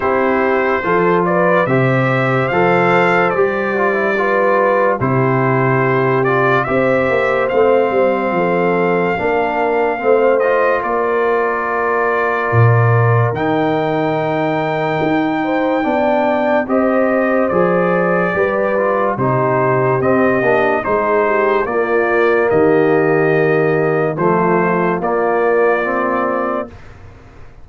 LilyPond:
<<
  \new Staff \with { instrumentName = "trumpet" } { \time 4/4 \tempo 4 = 72 c''4. d''8 e''4 f''4 | d''2 c''4. d''8 | e''4 f''2.~ | f''8 dis''8 d''2. |
g''1 | dis''4 d''2 c''4 | dis''4 c''4 d''4 dis''4~ | dis''4 c''4 d''2 | }
  \new Staff \with { instrumentName = "horn" } { \time 4/4 g'4 a'8 b'8 c''2~ | c''4 b'4 g'2 | c''2 a'4 ais'4 | c''4 ais'2.~ |
ais'2~ ais'8 c''8 d''4 | c''2 b'4 g'4~ | g'4 gis'8 g'8 f'4 g'4~ | g'4 f'2. | }
  \new Staff \with { instrumentName = "trombone" } { \time 4/4 e'4 f'4 g'4 a'4 | g'8 f'16 e'16 f'4 e'4. f'8 | g'4 c'2 d'4 | c'8 f'2.~ f'8 |
dis'2. d'4 | g'4 gis'4 g'8 f'8 dis'4 | c'8 d'8 dis'4 ais2~ | ais4 a4 ais4 c'4 | }
  \new Staff \with { instrumentName = "tuba" } { \time 4/4 c'4 f4 c4 f4 | g2 c2 | c'8 ais8 a8 g8 f4 ais4 | a4 ais2 ais,4 |
dis2 dis'4 b4 | c'4 f4 g4 c4 | c'8 ais8 gis4 ais4 dis4~ | dis4 f4 ais2 | }
>>